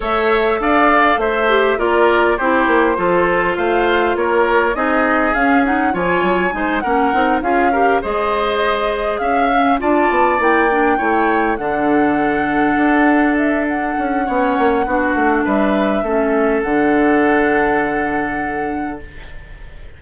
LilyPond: <<
  \new Staff \with { instrumentName = "flute" } { \time 4/4 \tempo 4 = 101 e''4 f''4 e''4 d''4 | c''2 f''4 cis''4 | dis''4 f''8 fis''8 gis''4. fis''8~ | fis''8 f''4 dis''2 f''8~ |
f''8 a''4 g''2 fis''8~ | fis''2~ fis''8 e''8 fis''4~ | fis''2 e''2 | fis''1 | }
  \new Staff \with { instrumentName = "oboe" } { \time 4/4 cis''4 d''4 c''4 ais'4 | g'4 a'4 c''4 ais'4 | gis'2 cis''4 c''8 ais'8~ | ais'8 gis'8 ais'8 c''2 e''8~ |
e''8 d''2 cis''4 a'8~ | a'1 | cis''4 fis'4 b'4 a'4~ | a'1 | }
  \new Staff \with { instrumentName = "clarinet" } { \time 4/4 a'2~ a'8 g'8 f'4 | e'4 f'2. | dis'4 cis'8 dis'8 f'4 dis'8 cis'8 | dis'8 f'8 g'8 gis'2~ gis'8 |
cis'8 f'4 e'8 d'8 e'4 d'8~ | d'1 | cis'4 d'2 cis'4 | d'1 | }
  \new Staff \with { instrumentName = "bassoon" } { \time 4/4 a4 d'4 a4 ais4 | c'8 ais8 f4 a4 ais4 | c'4 cis'4 f8 fis8 gis8 ais8 | c'8 cis'4 gis2 cis'8~ |
cis'8 d'8 b8 ais4 a4 d8~ | d4. d'2 cis'8 | b8 ais8 b8 a8 g4 a4 | d1 | }
>>